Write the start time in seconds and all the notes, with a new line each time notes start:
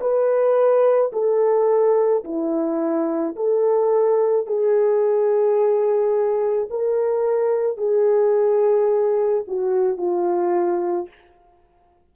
0.00 B4
1.13 A4
2.24 E4
3.35 A4
4.46 G#4
6.70 A#4
7.77 G#4
9.47 F#4
9.97 F4